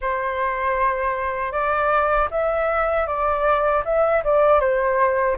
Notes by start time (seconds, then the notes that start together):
0.01 C5
1.52 D5
2.30 E5
3.06 D5
3.84 E5
4.24 D5
4.59 C5